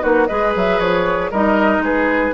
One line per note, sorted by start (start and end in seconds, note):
0.00 0.29 A#3
0.00 0.26 D#4
0.00 0.28 F#4
0.00 0.26 B4
0.26 0.55 G#3
0.26 1.32 G#4
0.26 1.30 B4
0.26 0.52 D#5
0.55 0.79 F#3
0.55 0.79 E5
0.79 1.30 F3
0.79 1.31 C#5
1.30 1.79 G3
1.30 2.34 D#4
1.30 1.82 A#4
1.30 1.83 D#5
1.79 2.30 G#3
1.79 2.34 G#4
1.79 2.34 B4